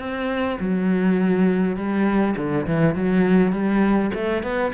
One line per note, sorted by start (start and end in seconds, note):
0.00 0.59 C4
0.60 1.77 F#3
1.77 2.36 G3
2.37 2.67 D3
2.67 2.96 E3
2.96 3.53 F#3
3.53 4.11 G3
4.15 4.43 A3
4.43 4.73 B3